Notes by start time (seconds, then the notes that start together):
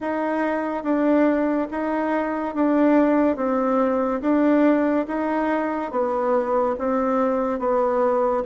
0.00 D#4
0.83 D4
1.70 D#4
2.55 D4
3.36 C4
4.21 D4
5.07 D#4
5.91 B3
6.78 C4
7.59 B3